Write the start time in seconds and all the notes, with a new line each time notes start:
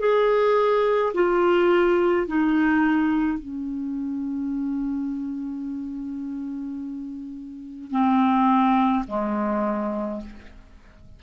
0.00 G#4
1.14 F4
2.27 D#4
3.39 C#4
7.91 C4
9.08 G#3